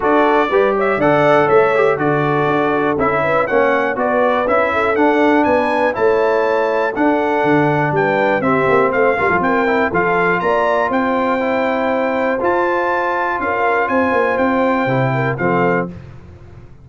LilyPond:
<<
  \new Staff \with { instrumentName = "trumpet" } { \time 4/4 \tempo 4 = 121 d''4. e''8 fis''4 e''4 | d''2 e''4 fis''4 | d''4 e''4 fis''4 gis''4 | a''2 fis''2 |
g''4 e''4 f''4 g''4 | f''4 ais''4 g''2~ | g''4 a''2 f''4 | gis''4 g''2 f''4 | }
  \new Staff \with { instrumentName = "horn" } { \time 4/4 a'4 b'8 cis''8 d''4 cis''4 | a'2~ a'8 b'8 cis''4 | b'4. a'4. b'4 | cis''2 a'2 |
b'4 g'4 c''8 ais'16 a'16 ais'4 | a'4 d''4 c''2~ | c''2. ais'4 | c''2~ c''8 ais'8 a'4 | }
  \new Staff \with { instrumentName = "trombone" } { \time 4/4 fis'4 g'4 a'4. g'8 | fis'2 e'4 cis'4 | fis'4 e'4 d'2 | e'2 d'2~ |
d'4 c'4. f'4 e'8 | f'2. e'4~ | e'4 f'2.~ | f'2 e'4 c'4 | }
  \new Staff \with { instrumentName = "tuba" } { \time 4/4 d'4 g4 d4 a4 | d4 d'4 cis'4 ais4 | b4 cis'4 d'4 b4 | a2 d'4 d4 |
g4 c'8 ais8 a8 g16 f16 c'4 | f4 ais4 c'2~ | c'4 f'2 cis'4 | c'8 ais8 c'4 c4 f4 | }
>>